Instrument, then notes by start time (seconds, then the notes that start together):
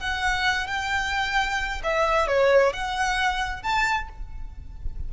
violin
0.00 F#5
0.67 G5
1.84 E5
2.28 C#5
2.73 F#5
3.63 A5